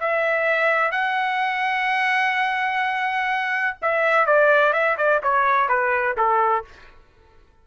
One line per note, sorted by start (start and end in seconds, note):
0.00 0.91 E5
0.91 3.77 F#5
3.82 4.26 E5
4.26 4.73 D5
4.73 4.97 E5
4.98 5.21 D5
5.23 5.69 C#5
5.69 6.16 B4
6.17 6.65 A4